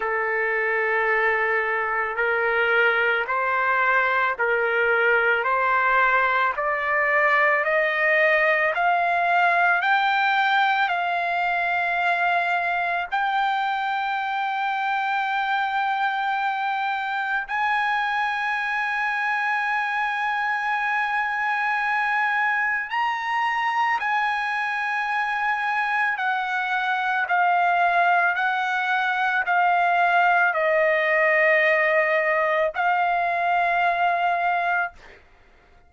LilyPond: \new Staff \with { instrumentName = "trumpet" } { \time 4/4 \tempo 4 = 55 a'2 ais'4 c''4 | ais'4 c''4 d''4 dis''4 | f''4 g''4 f''2 | g''1 |
gis''1~ | gis''4 ais''4 gis''2 | fis''4 f''4 fis''4 f''4 | dis''2 f''2 | }